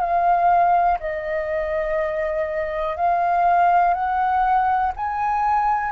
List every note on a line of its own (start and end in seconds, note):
0.00 0.98 F5
1.00 2.96 D#5
2.97 3.93 F5
3.93 4.92 F#5
4.96 5.92 G#5